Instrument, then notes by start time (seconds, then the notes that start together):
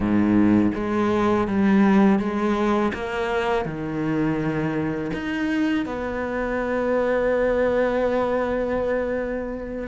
cello
0.00 G#2
0.74 G#3
1.47 G3
2.19 G#3
2.93 A#3
3.65 D#3
5.13 D#4
5.85 B3